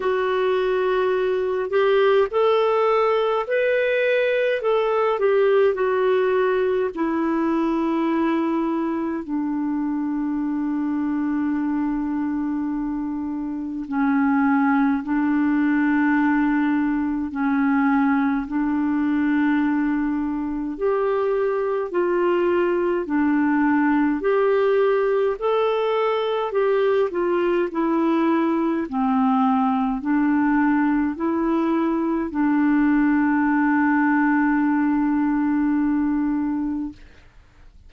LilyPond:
\new Staff \with { instrumentName = "clarinet" } { \time 4/4 \tempo 4 = 52 fis'4. g'8 a'4 b'4 | a'8 g'8 fis'4 e'2 | d'1 | cis'4 d'2 cis'4 |
d'2 g'4 f'4 | d'4 g'4 a'4 g'8 f'8 | e'4 c'4 d'4 e'4 | d'1 | }